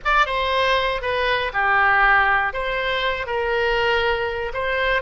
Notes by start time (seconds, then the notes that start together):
0.04 D5
0.25 C5
1.01 B4
1.53 G4
2.53 C5
3.26 A#4
4.53 C5